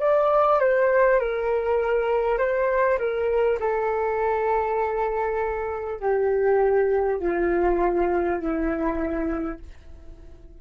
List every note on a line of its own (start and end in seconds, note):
0.00 0.60 D5
0.60 1.19 C5
1.19 2.38 A#4
2.38 2.98 C5
2.99 3.59 A#4
3.60 6.00 A4
6.00 7.19 G4
7.19 8.39 F4
8.39 9.59 E4